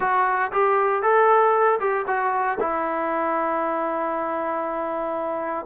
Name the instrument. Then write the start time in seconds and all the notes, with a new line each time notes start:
trombone
0.00 F#4
0.52 G4
1.02 A4
1.80 G4
2.07 F#4
2.59 E4